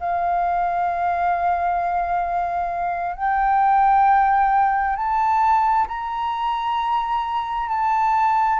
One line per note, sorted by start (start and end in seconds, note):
0.00 3.16 F5
3.16 4.96 G5
4.96 5.87 A5
5.88 7.69 A#5
7.69 8.60 A5